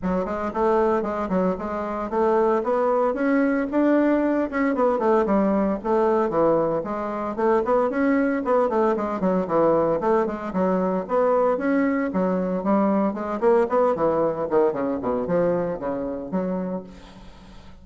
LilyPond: \new Staff \with { instrumentName = "bassoon" } { \time 4/4 \tempo 4 = 114 fis8 gis8 a4 gis8 fis8 gis4 | a4 b4 cis'4 d'4~ | d'8 cis'8 b8 a8 g4 a4 | e4 gis4 a8 b8 cis'4 |
b8 a8 gis8 fis8 e4 a8 gis8 | fis4 b4 cis'4 fis4 | g4 gis8 ais8 b8 e4 dis8 | cis8 b,8 f4 cis4 fis4 | }